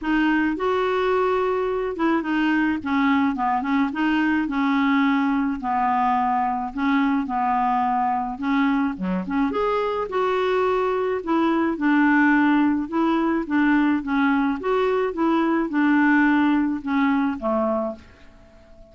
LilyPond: \new Staff \with { instrumentName = "clarinet" } { \time 4/4 \tempo 4 = 107 dis'4 fis'2~ fis'8 e'8 | dis'4 cis'4 b8 cis'8 dis'4 | cis'2 b2 | cis'4 b2 cis'4 |
fis8 cis'8 gis'4 fis'2 | e'4 d'2 e'4 | d'4 cis'4 fis'4 e'4 | d'2 cis'4 a4 | }